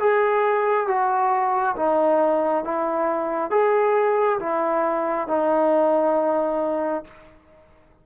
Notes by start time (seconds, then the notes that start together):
0.00 G#4
0.87 F#4
1.76 D#4
2.64 E4
3.51 G#4
4.40 E4
5.28 D#4